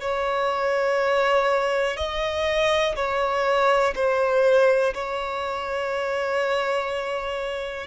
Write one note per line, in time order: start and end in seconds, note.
0.00 1.96 C#5
1.96 2.95 D#5
2.95 3.93 C#5
3.95 4.93 C5
4.94 7.86 C#5